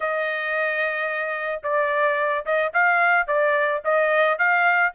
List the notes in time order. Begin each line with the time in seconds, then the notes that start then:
0.00 D#5
1.63 D5
2.45 D#5
2.73 F5
3.27 D5
3.84 D#5
4.38 F5